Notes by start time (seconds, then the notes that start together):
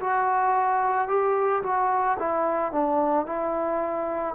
0.00 F#4
1.08 G4
1.63 F#4
2.19 E4
2.72 D4
3.26 E4